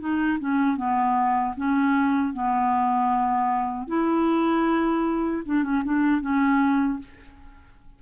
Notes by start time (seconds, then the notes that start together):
0.00 D#4
0.40 C#4
0.77 B3
1.57 C#4
2.34 B3
3.88 E4
5.46 D4
5.64 C#4
5.85 D4
6.22 C#4